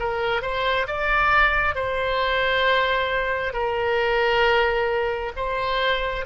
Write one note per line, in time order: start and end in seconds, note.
0.00 0.42 A#4
0.42 0.87 C5
0.87 1.75 D5
1.75 3.53 C5
3.53 5.32 A#4
5.36 6.26 C5